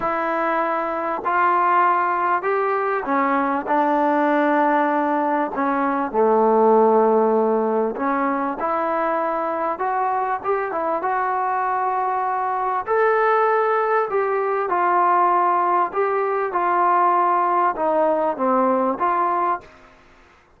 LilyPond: \new Staff \with { instrumentName = "trombone" } { \time 4/4 \tempo 4 = 98 e'2 f'2 | g'4 cis'4 d'2~ | d'4 cis'4 a2~ | a4 cis'4 e'2 |
fis'4 g'8 e'8 fis'2~ | fis'4 a'2 g'4 | f'2 g'4 f'4~ | f'4 dis'4 c'4 f'4 | }